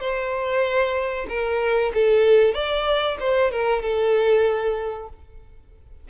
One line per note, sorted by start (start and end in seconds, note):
0.00 1.26 C5
1.29 1.92 A#4
1.94 2.54 A4
2.54 3.18 D5
3.20 3.51 C5
3.51 3.82 A#4
3.82 5.09 A4